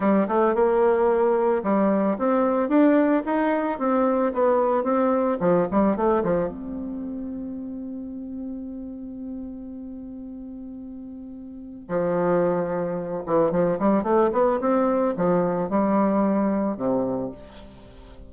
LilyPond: \new Staff \with { instrumentName = "bassoon" } { \time 4/4 \tempo 4 = 111 g8 a8 ais2 g4 | c'4 d'4 dis'4 c'4 | b4 c'4 f8 g8 a8 f8 | c'1~ |
c'1~ | c'2 f2~ | f8 e8 f8 g8 a8 b8 c'4 | f4 g2 c4 | }